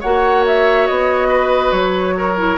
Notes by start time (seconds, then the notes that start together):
0.00 A#3 F#4 C#5 F#5
0.46 E5
0.87 B3 D#5
1.28 B4
1.71 F#3 C#5
2.17 A#4
2.37 E4